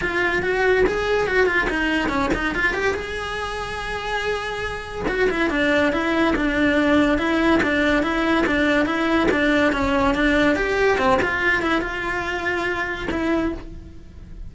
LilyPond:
\new Staff \with { instrumentName = "cello" } { \time 4/4 \tempo 4 = 142 f'4 fis'4 gis'4 fis'8 f'8 | dis'4 cis'8 dis'8 f'8 g'8 gis'4~ | gis'1 | fis'8 e'8 d'4 e'4 d'4~ |
d'4 e'4 d'4 e'4 | d'4 e'4 d'4 cis'4 | d'4 g'4 c'8 f'4 e'8 | f'2. e'4 | }